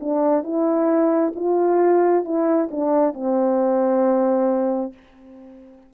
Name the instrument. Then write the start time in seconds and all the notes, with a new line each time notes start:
horn
0.00 D4
0.43 E4
1.35 F4
2.24 E4
2.71 D4
3.14 C4